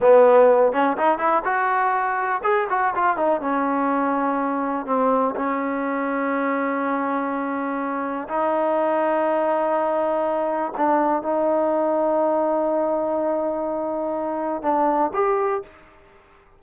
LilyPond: \new Staff \with { instrumentName = "trombone" } { \time 4/4 \tempo 4 = 123 b4. cis'8 dis'8 e'8 fis'4~ | fis'4 gis'8 fis'8 f'8 dis'8 cis'4~ | cis'2 c'4 cis'4~ | cis'1~ |
cis'4 dis'2.~ | dis'2 d'4 dis'4~ | dis'1~ | dis'2 d'4 g'4 | }